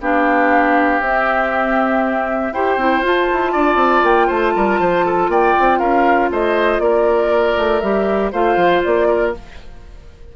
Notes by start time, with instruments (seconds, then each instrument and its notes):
0.00 bassoon B3, clarinet D4, oboe G4, flute F5
0.99 bassoon C4, clarinet C4, flute E5
2.52 bassoon E4, clarinet G4, oboe C5, flute G5
2.76 bassoon C4, clarinet E4
3.00 bassoon F4, clarinet F4
3.07 flute A5
3.32 bassoon E4
3.52 bassoon D4, oboe D5
3.75 bassoon C4
4.03 bassoon A#3, flute G5
4.27 bassoon A3, oboe C5, flute A5
4.55 bassoon G3, oboe A#4
4.80 bassoon F3, oboe C5
5.05 oboe A4
5.28 bassoon A#3, oboe D5, flute G5
5.59 bassoon C4
5.79 bassoon C#4, oboe A#4, flute F5
6.30 bassoon A3, oboe C5, flute D#5
6.79 bassoon A#3, oboe A#4, flute D5
7.57 bassoon A3
7.80 bassoon G3, clarinet G4, flute E5
8.31 bassoon A3, clarinet F4, oboe C5, flute F5
8.56 bassoon F3
8.84 bassoon A#3, flute D5
9.09 oboe A#4